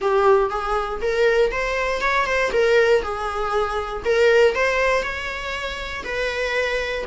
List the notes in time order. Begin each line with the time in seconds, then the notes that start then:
0.01 G4
0.50 G#4
1.01 A#4
1.51 C5
2.01 C#5
2.26 C5
2.52 A#4
3.02 G#4
4.04 A#4
4.54 C5
5.02 C#5
6.04 B4